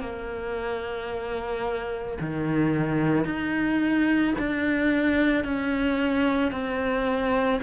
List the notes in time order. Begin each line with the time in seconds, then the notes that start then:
0.00 A#3
2.21 D#3
3.25 D#4
4.38 D4
5.44 C#4
6.52 C4